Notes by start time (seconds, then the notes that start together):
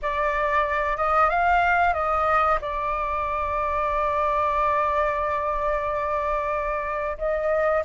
0.01 D5
0.96 D#5
1.29 F5
1.93 D#5
2.61 D5
7.18 D#5